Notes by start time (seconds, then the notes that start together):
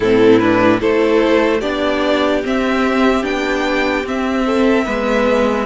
0.00 A2 C4 E4 A4
0.39 D4 B4
0.79 A3 E4 A4 C5
1.60 B3 D4 G4 D5
2.43 C4 E5
3.22 B3 D4 G5
4.04 C4 E5
4.46 A4
4.85 G#3 B3 B4